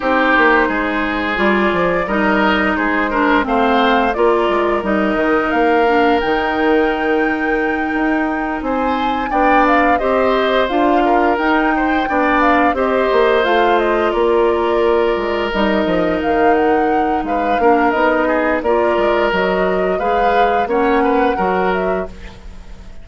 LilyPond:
<<
  \new Staff \with { instrumentName = "flute" } { \time 4/4 \tempo 4 = 87 c''2 d''4 dis''4 | c''4 f''4 d''4 dis''4 | f''4 g''2.~ | g''8 gis''4 g''8 f''8 dis''4 f''8~ |
f''8 g''4. f''8 dis''4 f''8 | dis''8 d''2 dis''4 f''8 | fis''4 f''4 dis''4 d''4 | dis''4 f''4 fis''4. e''8 | }
  \new Staff \with { instrumentName = "oboe" } { \time 4/4 g'4 gis'2 ais'4 | gis'8 ais'8 c''4 ais'2~ | ais'1~ | ais'8 c''4 d''4 c''4. |
ais'4 c''8 d''4 c''4.~ | c''8 ais'2.~ ais'8~ | ais'4 b'8 ais'4 gis'8 ais'4~ | ais'4 b'4 cis''8 b'8 ais'4 | }
  \new Staff \with { instrumentName = "clarinet" } { \time 4/4 dis'2 f'4 dis'4~ | dis'8 d'8 c'4 f'4 dis'4~ | dis'8 d'8 dis'2.~ | dis'4. d'4 g'4 f'8~ |
f'8 dis'4 d'4 g'4 f'8~ | f'2~ f'8 dis'4.~ | dis'4. d'8 dis'4 f'4 | fis'4 gis'4 cis'4 fis'4 | }
  \new Staff \with { instrumentName = "bassoon" } { \time 4/4 c'8 ais8 gis4 g8 f8 g4 | gis4 a4 ais8 gis8 g8 dis8 | ais4 dis2~ dis8 dis'8~ | dis'8 c'4 b4 c'4 d'8~ |
d'8 dis'4 b4 c'8 ais8 a8~ | a8 ais4. gis8 g8 f8 dis8~ | dis4 gis8 ais8 b4 ais8 gis8 | fis4 gis4 ais4 fis4 | }
>>